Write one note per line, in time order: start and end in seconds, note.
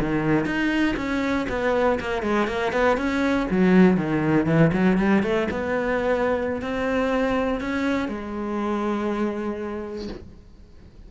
0.00 0.46 D#3
0.46 0.96 D#4
0.97 1.47 C#4
1.50 2.00 B3
2.00 2.23 A#3
2.23 2.48 G#3
2.48 2.73 A#3
2.73 2.98 B3
2.98 3.48 C#4
3.51 3.97 F#3
3.97 4.47 D#3
4.47 4.72 E3
4.73 4.98 F#3
4.98 5.23 G3
5.23 5.48 A3
5.51 6.62 B3
6.62 7.61 C4
7.61 8.09 C#4
8.09 10.09 G#3